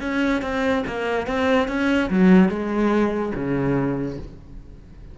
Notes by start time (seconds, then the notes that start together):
0.00 C#4
0.42 C4
0.87 A#3
1.27 C4
1.68 C#4
2.10 F#3
2.49 G#3
3.35 C#3